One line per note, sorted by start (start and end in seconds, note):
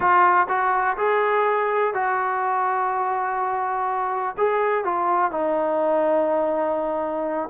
0.00 0.47 F4
0.48 0.97 F#4
0.97 1.94 G#4
1.94 4.35 F#4
4.37 4.84 G#4
4.84 5.31 F4
5.31 7.49 D#4